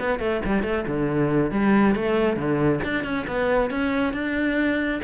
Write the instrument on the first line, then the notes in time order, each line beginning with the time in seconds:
cello
0.00 B3
0.20 A3
0.46 G3
0.63 A3
0.88 D3
1.51 G3
1.95 A3
2.36 D3
2.84 D4
3.04 C#4
3.28 B3
3.71 C#4
4.13 D4